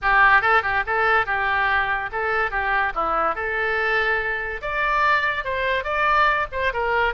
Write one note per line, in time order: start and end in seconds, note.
0.02 0.41 G4
0.41 0.62 A4
0.62 0.83 G4
0.86 1.25 A4
1.25 2.09 G4
2.12 2.51 A4
2.51 2.93 G4
2.94 3.35 E4
3.35 4.61 A4
4.61 5.44 D5
5.44 5.83 C5
5.83 6.46 D5
6.51 6.72 C5
6.73 7.13 A#4